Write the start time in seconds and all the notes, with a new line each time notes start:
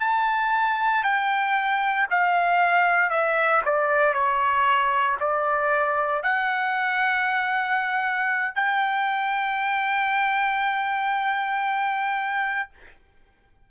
0.00 A5
1.03 G5
2.10 F5
3.10 E5
3.65 D5
4.14 C#5
5.20 D5
6.23 F#5
8.55 G5